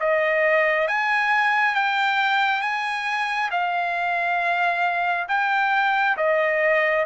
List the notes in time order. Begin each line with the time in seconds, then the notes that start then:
0.00 D#5
0.88 G#5
1.75 G5
2.62 G#5
3.51 F5
5.29 G5
6.18 D#5